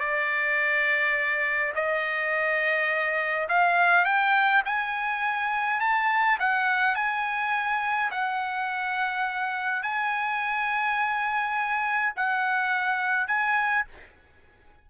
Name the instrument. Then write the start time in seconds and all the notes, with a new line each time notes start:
trumpet
0.00 D5
1.75 D#5
3.49 F5
4.05 G5
4.65 G#5
5.80 A5
6.39 F#5
6.95 G#5
8.11 F#5
9.83 G#5
12.16 F#5
13.27 G#5